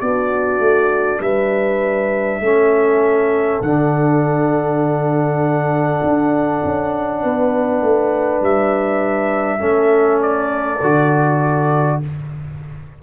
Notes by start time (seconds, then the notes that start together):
0.00 B3 D4 F#4 D5
0.59 A3
1.20 G3 B4 E5
2.39 A3 C#4 A4
3.61 D3 D4 F#5
6.03 D4
6.64 C#4
7.21 B3 B4
7.81 A3
8.41 G3 E5
9.59 A3 C#4 A4
10.21 D5
10.81 D3 F#4